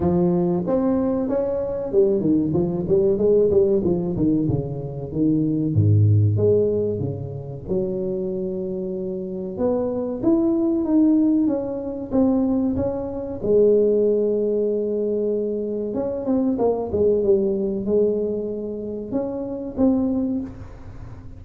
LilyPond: \new Staff \with { instrumentName = "tuba" } { \time 4/4 \tempo 4 = 94 f4 c'4 cis'4 g8 dis8 | f8 g8 gis8 g8 f8 dis8 cis4 | dis4 gis,4 gis4 cis4 | fis2. b4 |
e'4 dis'4 cis'4 c'4 | cis'4 gis2.~ | gis4 cis'8 c'8 ais8 gis8 g4 | gis2 cis'4 c'4 | }